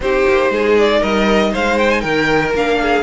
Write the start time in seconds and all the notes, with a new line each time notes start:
0.00 C4 D#4 G4 C5
0.27 A#3
0.50 G#3 G#4
0.78 D5
0.99 G3 A#4 D#5
1.52 G#3 C5 F5
1.78 G5
1.90 G#5
2.00 D#3 A#4 G5
2.54 A#3 D4 F5
2.81 G#4